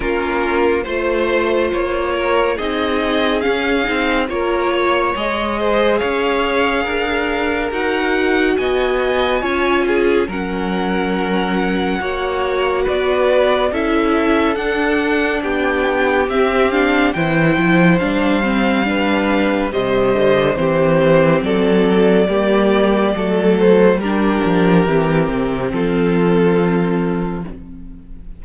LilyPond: <<
  \new Staff \with { instrumentName = "violin" } { \time 4/4 \tempo 4 = 70 ais'4 c''4 cis''4 dis''4 | f''4 cis''4 dis''4 f''4~ | f''4 fis''4 gis''2 | fis''2. d''4 |
e''4 fis''4 g''4 e''8 f''8 | g''4 f''2 dis''4 | c''4 d''2~ d''8 c''8 | ais'2 a'2 | }
  \new Staff \with { instrumentName = "violin" } { \time 4/4 f'4 c''4. ais'8 gis'4~ | gis'4 ais'8 cis''4 c''8 cis''4 | ais'2 dis''4 cis''8 gis'8 | ais'2 cis''4 b'4 |
a'2 g'2 | c''2 b'4 c''4 | g'4 a'4 g'4 a'4 | g'2 f'2 | }
  \new Staff \with { instrumentName = "viola" } { \time 4/4 cis'4 f'2 dis'4 | cis'8 dis'8 f'4 gis'2~ | gis'4 fis'2 f'4 | cis'2 fis'2 |
e'4 d'2 c'8 d'8 | e'4 d'8 c'8 d'4 g4 | c'2 ais4 a4 | d'4 c'2. | }
  \new Staff \with { instrumentName = "cello" } { \time 4/4 ais4 a4 ais4 c'4 | cis'8 c'8 ais4 gis4 cis'4 | d'4 dis'4 b4 cis'4 | fis2 ais4 b4 |
cis'4 d'4 b4 c'4 | e8 f8 g2 c8 d8 | e4 fis4 g4 fis4 | g8 f8 e8 c8 f2 | }
>>